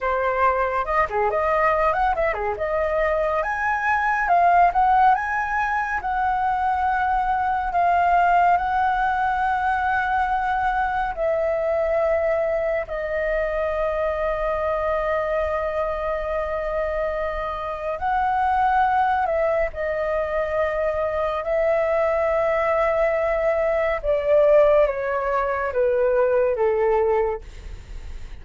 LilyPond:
\new Staff \with { instrumentName = "flute" } { \time 4/4 \tempo 4 = 70 c''4 dis''16 gis'16 dis''8. fis''16 e''16 gis'16 dis''4 | gis''4 f''8 fis''8 gis''4 fis''4~ | fis''4 f''4 fis''2~ | fis''4 e''2 dis''4~ |
dis''1~ | dis''4 fis''4. e''8 dis''4~ | dis''4 e''2. | d''4 cis''4 b'4 a'4 | }